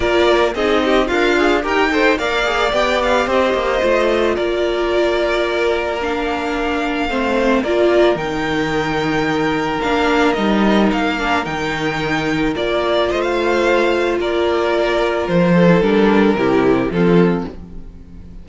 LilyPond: <<
  \new Staff \with { instrumentName = "violin" } { \time 4/4 \tempo 4 = 110 d''4 dis''4 f''4 g''4 | f''4 g''8 f''8 dis''2 | d''2. f''4~ | f''2 d''4 g''4~ |
g''2 f''4 dis''4 | f''4 g''2 d''4 | dis''16 f''4.~ f''16 d''2 | c''4 ais'2 a'4 | }
  \new Staff \with { instrumentName = "violin" } { \time 4/4 ais'4 gis'8 g'8 f'4 ais'8 c''8 | d''2 c''2 | ais'1~ | ais'4 c''4 ais'2~ |
ais'1~ | ais'1 | c''2 ais'2~ | ais'8 a'4. g'4 f'4 | }
  \new Staff \with { instrumentName = "viola" } { \time 4/4 f'4 dis'4 ais'8 gis'8 g'8 a'8 | ais'8 gis'8 g'2 f'4~ | f'2. d'4~ | d'4 c'4 f'4 dis'4~ |
dis'2 d'4 dis'4~ | dis'8 d'8 dis'2 f'4~ | f'1~ | f'8. e'16 d'4 e'4 c'4 | }
  \new Staff \with { instrumentName = "cello" } { \time 4/4 ais4 c'4 d'4 dis'4 | ais4 b4 c'8 ais8 a4 | ais1~ | ais4 a4 ais4 dis4~ |
dis2 ais4 g4 | ais4 dis2 ais4 | a2 ais2 | f4 g4 c4 f4 | }
>>